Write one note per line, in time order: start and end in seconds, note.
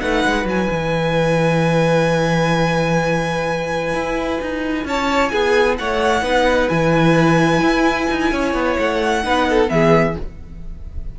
0.00 0.25 A3
0.00 0.46 D#4
0.00 4.86 B4
0.00 0.46 F#5
0.25 0.45 G#3
0.45 0.68 F#3
0.45 6.23 E4
0.45 4.87 G#5
0.70 3.93 E3
3.94 4.40 E4
4.41 4.85 D#4
4.85 5.31 C#4
4.85 5.32 C#5
4.85 5.29 A5
5.29 5.79 B3
5.29 5.78 G#4
5.29 5.75 G#5
5.78 6.22 A3
5.78 6.23 C#5
5.78 6.68 F#5
6.22 6.68 B3
6.22 6.69 D#4
6.22 8.30 B4
6.68 7.61 E3
6.68 9.22 E4
6.68 8.76 G#5
7.61 8.07 E4
8.10 8.31 D#4
8.30 8.53 C#4
8.30 9.23 C#5
8.53 8.76 B3
8.78 9.24 A3
8.78 9.69 F#5
9.23 9.70 B3
9.23 9.67 D#4
9.23 9.48 B4
9.49 9.72 A4
9.67 10.16 E3
9.67 10.14 B3
9.67 10.19 G#4
9.67 10.15 E5